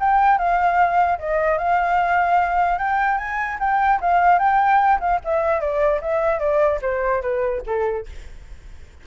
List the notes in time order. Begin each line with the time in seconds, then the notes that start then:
0.00 G5
0.38 F5
1.19 D#5
1.58 F5
2.79 G5
3.18 G#5
3.60 G5
4.01 F5
4.39 G5
5.00 F5
5.24 E5
5.60 D5
6.01 E5
6.40 D5
6.82 C5
7.22 B4
7.67 A4